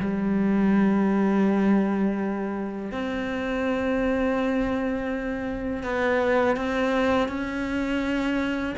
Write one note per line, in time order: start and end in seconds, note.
0.00 2.92 G3
2.92 5.83 C4
5.83 6.57 B3
6.57 7.28 C4
7.28 8.75 C#4